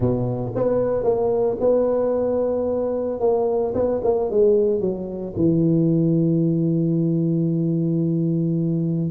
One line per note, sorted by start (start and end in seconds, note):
0.00 0.52 B2
0.55 1.03 B3
1.03 1.57 A#3
1.59 3.20 B3
3.20 3.73 A#3
3.74 4.01 B3
4.03 4.30 A#3
4.30 4.80 G#3
4.80 5.34 F#3
5.36 9.10 E3